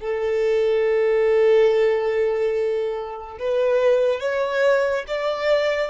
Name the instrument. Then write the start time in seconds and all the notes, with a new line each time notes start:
violin
0.00 A4
3.39 B4
4.20 C#5
5.07 D5